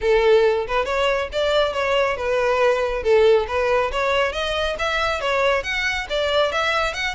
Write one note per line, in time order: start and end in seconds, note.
0.01 0.66 A4
0.67 0.85 B4
0.85 1.28 C#5
1.32 1.73 D5
1.73 2.16 C#5
2.16 3.03 B4
3.03 3.46 A4
3.47 3.91 B4
3.91 4.32 C#5
4.32 4.76 D#5
4.78 5.20 E5
5.20 5.63 C#5
5.63 6.06 F#5
6.09 6.51 D5
6.51 6.93 E5
6.93 7.15 F#5